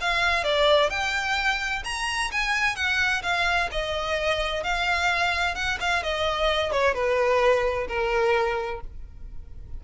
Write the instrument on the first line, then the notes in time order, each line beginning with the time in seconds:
violin
0.00 F5
0.43 D5
0.89 G5
1.84 A#5
2.32 G#5
2.75 F#5
3.22 F5
3.71 D#5
4.63 F5
5.55 F#5
5.80 F5
6.03 D#5
6.71 C#5
6.94 B4
7.87 A#4